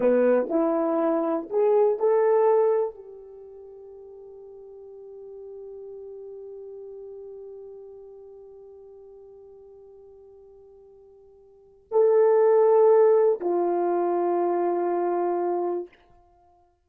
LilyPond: \new Staff \with { instrumentName = "horn" } { \time 4/4 \tempo 4 = 121 b4 e'2 gis'4 | a'2 g'2~ | g'1~ | g'1~ |
g'1~ | g'1 | a'2. f'4~ | f'1 | }